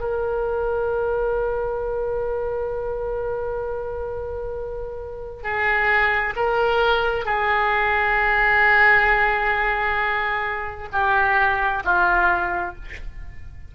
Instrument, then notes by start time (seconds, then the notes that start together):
oboe
0.00 A#4
5.43 G#4
6.36 A#4
7.25 G#4
10.92 G4
11.84 F4